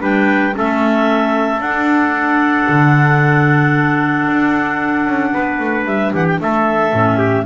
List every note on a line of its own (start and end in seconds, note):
0.00 0.54 G3
0.00 0.53 D4
0.00 0.55 B4
0.00 0.56 G5
0.54 1.61 A3
0.54 1.60 C#4
0.54 5.34 A4
0.54 1.61 E5
1.61 2.67 D4
1.61 6.93 D4
1.61 5.86 F#5
2.69 4.28 D3
4.28 5.07 D4
5.07 5.34 C#4
5.34 5.60 B3
5.34 6.13 B4
5.60 5.85 A3
5.85 6.12 G3
5.85 6.13 E5
6.14 6.40 E3
6.14 6.41 G4
6.14 6.26 F#5
6.26 6.40 G5
6.41 6.94 A3
6.41 7.18 A4
6.41 7.46 E5
6.93 7.46 A2
6.93 7.46 C#4
7.18 7.45 G4